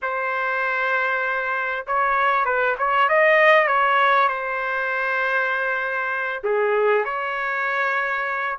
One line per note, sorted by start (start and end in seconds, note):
0.02 1.85 C5
1.86 2.45 C#5
2.45 2.76 B4
2.78 3.08 C#5
3.08 3.67 D#5
3.67 4.28 C#5
4.28 6.42 C5
6.43 7.04 G#4
7.04 8.57 C#5